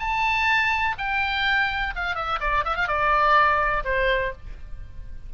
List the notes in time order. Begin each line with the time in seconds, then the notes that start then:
0.00 A5
0.98 G5
1.96 F5
2.16 E5
2.41 D5
2.65 E5
2.76 F5
2.88 D5
3.85 C5